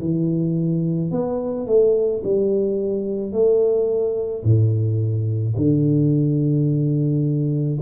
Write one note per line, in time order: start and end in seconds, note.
0.00 1.11 E3
1.11 1.67 B3
1.67 2.22 A3
2.24 3.33 G3
3.33 4.44 A3
4.44 5.55 A2
5.57 7.79 D3